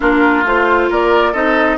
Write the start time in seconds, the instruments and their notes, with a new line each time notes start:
0.00 bassoon A#3, clarinet D4, oboe F4, flute A#4
0.44 bassoon A3, clarinet F4, flute C5
0.89 bassoon A#3, oboe A#4, flute D5
1.32 bassoon C4, clarinet D#4, oboe A4, flute D#5